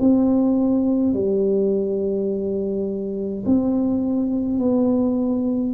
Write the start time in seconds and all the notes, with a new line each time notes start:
0.00 C4
1.13 G3
3.46 C4
4.59 B3